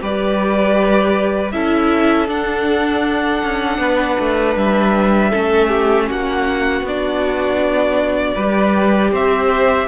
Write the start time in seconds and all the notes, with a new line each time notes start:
0.00 G3 G4 B4 D5
1.51 C#4 E4 A4 E5
2.28 D4 F#5
3.43 C#4
3.78 B3 B4
4.19 A3
4.56 G3 E5
5.31 A3 C#4 A4
5.68 G4
6.08 A#3 F#4 F#5
6.81 B3 D5
6.87 D4
8.35 G3 G4 B4
9.11 C4 C5 E5